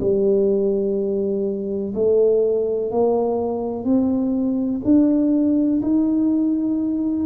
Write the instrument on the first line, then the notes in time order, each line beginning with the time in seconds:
tuba
0.00 G3
1.94 A3
2.91 A#3
3.84 C4
4.84 D4
5.82 D#4